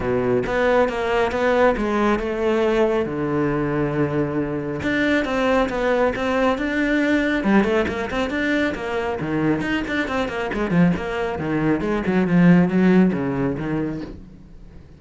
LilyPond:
\new Staff \with { instrumentName = "cello" } { \time 4/4 \tempo 4 = 137 b,4 b4 ais4 b4 | gis4 a2 d4~ | d2. d'4 | c'4 b4 c'4 d'4~ |
d'4 g8 a8 ais8 c'8 d'4 | ais4 dis4 dis'8 d'8 c'8 ais8 | gis8 f8 ais4 dis4 gis8 fis8 | f4 fis4 cis4 dis4 | }